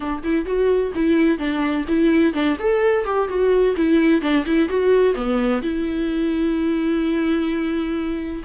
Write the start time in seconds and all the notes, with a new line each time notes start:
0.00 D4
0.23 E4
0.45 F#4
0.94 E4
1.38 D4
1.87 E4
2.33 D4
2.59 A4
3.04 G4
3.28 F#4
3.76 E4
4.21 D4
4.45 E4
4.68 F#4
5.14 B3
5.62 E4